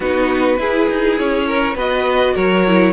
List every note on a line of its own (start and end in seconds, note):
0.00 0.58 B3
0.00 0.58 D#4
0.00 0.59 F#4
0.00 1.17 B4
0.58 0.87 E4
0.58 1.75 E4
0.58 1.46 G#4
0.90 1.19 D#4
1.17 1.75 C#4
1.17 1.76 C#5
1.46 1.75 A#4
1.75 2.33 B3
1.75 2.66 F#4
1.75 2.34 B4
1.75 2.36 D#5
2.34 2.92 F#3
2.34 2.92 A#4
2.34 2.92 C#5
2.67 2.92 E4